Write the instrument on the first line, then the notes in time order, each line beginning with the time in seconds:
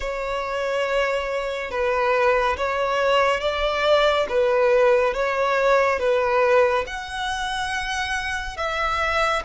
violin
0.00 C#5
1.70 B4
2.57 C#5
3.40 D5
4.29 B4
5.14 C#5
5.99 B4
6.86 F#5
8.56 E5